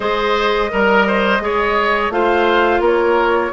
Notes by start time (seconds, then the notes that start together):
0.00 G#3 G#4 C5 D#5
0.69 G3 A#4
1.07 C5
1.40 G#3 G#4 C#5
2.09 A3 F4 C5 F5
2.80 A#3 A#4 C#5